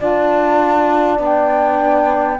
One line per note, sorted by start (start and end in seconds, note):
0.00 1.19 D4
0.00 1.17 F4
0.00 2.40 D5
0.00 1.22 A5
1.17 2.39 B3
1.17 2.37 D4
1.24 2.40 G5